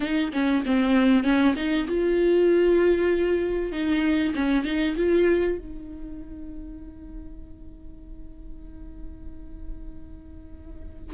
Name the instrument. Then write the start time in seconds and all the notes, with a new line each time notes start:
viola
0.00 D#4
0.32 C#4
0.65 C4
1.23 C#4
1.55 D#4
1.87 F4
3.72 D#4
4.35 C#4
4.64 D#4
4.96 F4
5.58 D#4